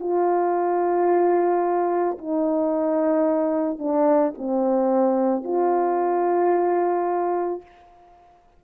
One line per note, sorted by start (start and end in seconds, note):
0.00 2.18 F4
2.19 3.79 D#4
3.79 4.33 D4
4.38 5.44 C4
5.44 7.62 F4